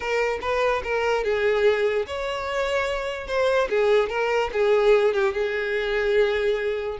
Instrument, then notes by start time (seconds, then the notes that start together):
violin
0.00 A#4
0.41 B4
0.83 A#4
1.23 G#4
2.06 C#5
3.27 C5
3.69 G#4
4.09 A#4
4.53 G#4
5.14 G4
5.33 G#4